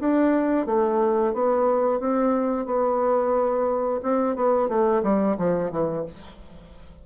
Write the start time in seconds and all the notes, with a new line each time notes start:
0.00 D4
0.66 A3
1.33 B3
2.00 C4
2.66 B3
4.03 C4
4.36 B3
4.69 A3
5.03 G3
5.38 F3
5.71 E3